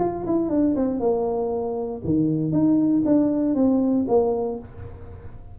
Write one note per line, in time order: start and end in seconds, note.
0.00 0.25 F4
0.27 0.50 E4
0.50 0.75 D4
0.76 1.00 C4
1.00 2.02 A#3
2.05 2.53 D#3
2.53 3.03 D#4
3.06 3.55 D4
3.55 4.06 C4
4.09 4.59 A#3